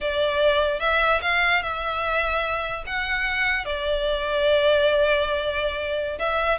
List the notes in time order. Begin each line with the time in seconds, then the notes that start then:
0.00 D5
0.80 E5
1.21 F5
1.62 E5
2.86 F#5
3.65 D5
6.19 E5